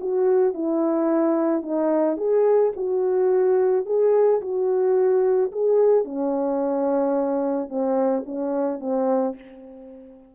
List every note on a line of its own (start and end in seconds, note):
0.00 0.54 F#4
0.54 1.62 E4
1.62 2.17 D#4
2.17 2.72 G#4
2.76 3.86 F#4
3.86 4.41 G#4
4.41 5.51 F#4
5.52 6.05 G#4
6.05 7.69 C#4
7.69 8.24 C4
8.26 8.80 C#4
8.80 9.35 C4